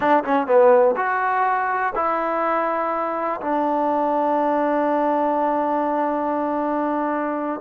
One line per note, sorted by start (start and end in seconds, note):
0.00 0.23 D4
0.24 0.46 C#4
0.46 0.95 B3
0.96 1.93 F#4
1.95 3.40 E4
3.40 7.61 D4